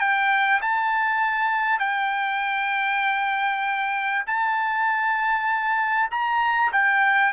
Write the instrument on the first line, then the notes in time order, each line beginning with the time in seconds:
trumpet
0.00 G5
0.62 A5
1.80 G5
4.27 A5
6.11 A#5
6.73 G5